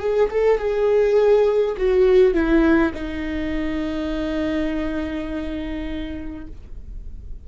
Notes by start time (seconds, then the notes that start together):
0.00 G#4
0.31 A4
0.58 G#4
1.78 F#4
2.34 E4
2.94 D#4